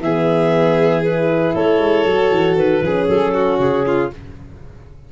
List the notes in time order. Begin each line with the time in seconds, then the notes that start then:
0.00 E3 B3 G#4 E5
1.03 E4 B4
1.55 A3 A4 C#5
1.79 G#3
2.06 F#3 F#4
2.31 E3
2.56 D#3 B4
2.82 F3 C#4 G#4
3.08 F#3 A4
3.34 F#4
3.59 C#3 G#4
3.86 F4